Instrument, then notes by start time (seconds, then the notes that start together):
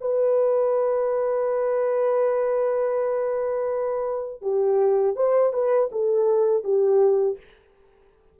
horn
0.00 B4
4.41 G4
5.15 C5
5.53 B4
5.91 A4
6.63 G4